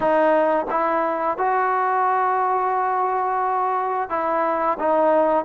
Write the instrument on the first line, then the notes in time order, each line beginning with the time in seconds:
trombone
0.00 D#4
0.70 E4
1.37 F#4
4.09 E4
4.79 D#4